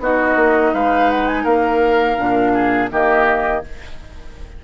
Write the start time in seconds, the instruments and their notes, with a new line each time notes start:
0.00 bassoon B3, clarinet D#4, oboe F#4, flute D#5
0.36 bassoon A#3
0.74 bassoon G#3, oboe B4, flute F5
1.10 flute F#5
1.28 flute G#5
1.44 bassoon A#3, oboe A#4, flute F5
2.18 bassoon A#2, clarinet D4
2.54 oboe G#4
2.91 bassoon D#3, clarinet A#3, oboe G4, flute D#5